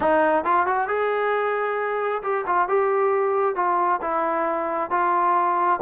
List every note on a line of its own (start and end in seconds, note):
0.00 0.44 D#4
0.44 0.66 F4
0.66 0.88 F#4
0.88 2.22 G#4
2.22 2.45 G4
2.46 2.68 F4
2.68 3.55 G4
3.55 4.00 F4
4.01 4.90 E4
4.90 5.80 F4